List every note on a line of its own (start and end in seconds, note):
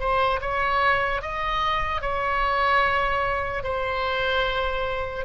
0.00 0.41 C5
0.41 1.22 C#5
1.22 2.02 D#5
2.02 3.64 C#5
3.64 5.26 C5